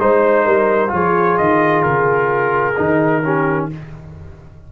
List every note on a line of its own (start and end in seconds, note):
0.00 0.46 G#3
0.00 0.89 D#4
0.00 0.93 C5
0.00 0.45 C5
0.45 0.92 G3
0.45 0.91 A#4
0.89 1.39 F3
0.89 2.73 F4
0.89 3.24 G#4
0.89 1.38 C#5
1.38 1.85 D#3
1.38 1.82 D#5
1.82 2.77 C#3
1.82 3.67 A#4
2.77 3.72 D#3
2.77 3.23 D#4
3.24 3.70 C#4
3.24 3.70 G4